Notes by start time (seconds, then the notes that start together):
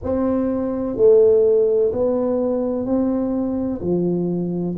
0.03 C4
0.96 A3
1.92 B3
2.85 C4
3.81 F3